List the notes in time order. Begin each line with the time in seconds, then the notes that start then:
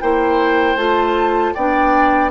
0.00 A#3 E4 C5 G5
0.75 A3 F4 A5
1.54 B3 D4 D5 G5